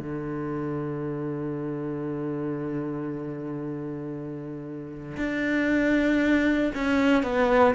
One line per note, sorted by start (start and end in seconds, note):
0.00 5.17 D3
5.17 6.72 D4
6.75 7.23 C#4
7.23 7.75 B3